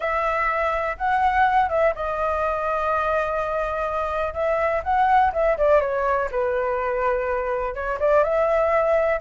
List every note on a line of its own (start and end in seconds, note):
0.00 0.97 E5
0.97 1.69 F#5
1.69 1.93 E5
1.95 4.33 D#5
4.33 4.81 E5
4.83 5.31 F#5
5.32 5.57 E5
5.57 5.80 D5
5.80 6.29 C#5
6.31 7.74 B4
7.74 7.98 C#5
7.99 8.23 D5
8.23 9.20 E5